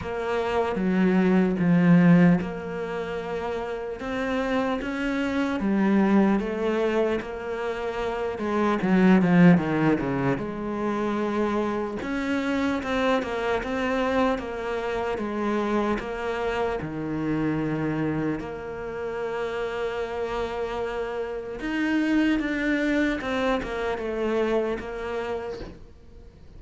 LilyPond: \new Staff \with { instrumentName = "cello" } { \time 4/4 \tempo 4 = 75 ais4 fis4 f4 ais4~ | ais4 c'4 cis'4 g4 | a4 ais4. gis8 fis8 f8 | dis8 cis8 gis2 cis'4 |
c'8 ais8 c'4 ais4 gis4 | ais4 dis2 ais4~ | ais2. dis'4 | d'4 c'8 ais8 a4 ais4 | }